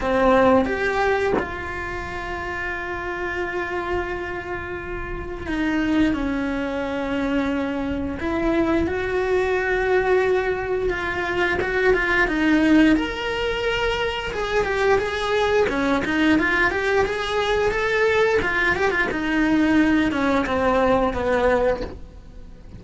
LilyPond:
\new Staff \with { instrumentName = "cello" } { \time 4/4 \tempo 4 = 88 c'4 g'4 f'2~ | f'1 | dis'4 cis'2. | e'4 fis'2. |
f'4 fis'8 f'8 dis'4 ais'4~ | ais'4 gis'8 g'8 gis'4 cis'8 dis'8 | f'8 g'8 gis'4 a'4 f'8 g'16 f'16 | dis'4. cis'8 c'4 b4 | }